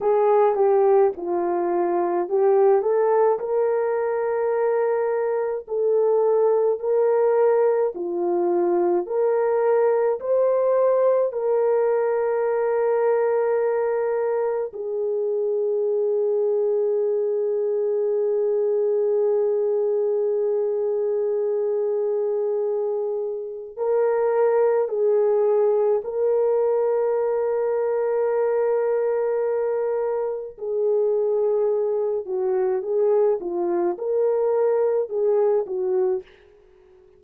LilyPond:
\new Staff \with { instrumentName = "horn" } { \time 4/4 \tempo 4 = 53 gis'8 g'8 f'4 g'8 a'8 ais'4~ | ais'4 a'4 ais'4 f'4 | ais'4 c''4 ais'2~ | ais'4 gis'2.~ |
gis'1~ | gis'4 ais'4 gis'4 ais'4~ | ais'2. gis'4~ | gis'8 fis'8 gis'8 f'8 ais'4 gis'8 fis'8 | }